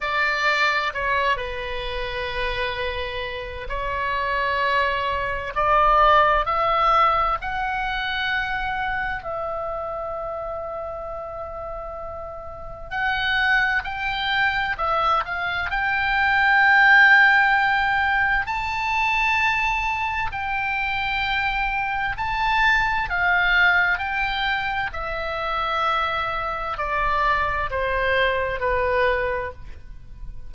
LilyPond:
\new Staff \with { instrumentName = "oboe" } { \time 4/4 \tempo 4 = 65 d''4 cis''8 b'2~ b'8 | cis''2 d''4 e''4 | fis''2 e''2~ | e''2 fis''4 g''4 |
e''8 f''8 g''2. | a''2 g''2 | a''4 f''4 g''4 e''4~ | e''4 d''4 c''4 b'4 | }